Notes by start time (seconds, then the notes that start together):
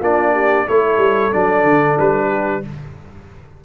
0.00 A#3 D4 F4 D5
0.34 G4
0.68 A3 E4 A4 C#5
0.98 G3
1.32 F#3 D4 D5
1.65 D3
2.00 G3 B4
2.29 G4